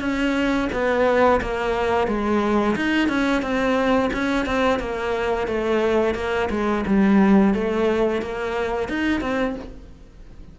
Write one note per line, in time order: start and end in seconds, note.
0.00 0.68 C#4
0.72 1.40 B3
1.41 2.07 A#3
2.07 2.75 G#3
2.76 3.08 D#4
3.08 3.42 C#4
3.42 4.10 C4
4.13 4.46 C#4
4.46 4.79 C4
4.79 5.47 A#3
5.47 6.15 A3
6.15 6.49 A#3
6.50 6.84 G#3
6.86 7.54 G3
7.54 8.22 A3
8.22 8.89 A#3
8.89 9.21 D#4
9.21 9.55 C4